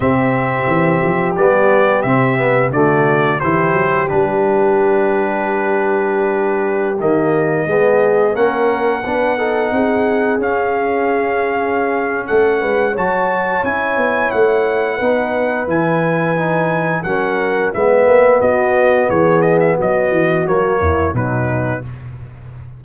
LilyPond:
<<
  \new Staff \with { instrumentName = "trumpet" } { \time 4/4 \tempo 4 = 88 e''2 d''4 e''4 | d''4 c''4 b'2~ | b'2~ b'16 dis''4.~ dis''16~ | dis''16 fis''2. f''8.~ |
f''2 fis''4 a''4 | gis''4 fis''2 gis''4~ | gis''4 fis''4 e''4 dis''4 | cis''8 dis''16 e''16 dis''4 cis''4 b'4 | }
  \new Staff \with { instrumentName = "horn" } { \time 4/4 g'1 | fis'4 g'2.~ | g'2.~ g'16 gis'8.~ | gis'16 ais'4 b'8 a'8 gis'4.~ gis'16~ |
gis'2 a'8 b'8 cis''4~ | cis''2 b'2~ | b'4 ais'4 b'4 fis'4 | gis'4 fis'4. e'8 dis'4 | }
  \new Staff \with { instrumentName = "trombone" } { \time 4/4 c'2 b4 c'8 b8 | a4 e'4 d'2~ | d'2~ d'16 ais4 b8.~ | b16 cis'4 d'8 dis'4. cis'8.~ |
cis'2. fis'4 | e'2 dis'4 e'4 | dis'4 cis'4 b2~ | b2 ais4 fis4 | }
  \new Staff \with { instrumentName = "tuba" } { \time 4/4 c4 e8 f8 g4 c4 | d4 e8 fis8 g2~ | g2~ g16 dis4 gis8.~ | gis16 ais4 b4 c'4 cis'8.~ |
cis'2 a8 gis8 fis4 | cis'8 b8 a4 b4 e4~ | e4 fis4 gis8 ais8 b4 | e4 fis8 e8 fis8 e,8 b,4 | }
>>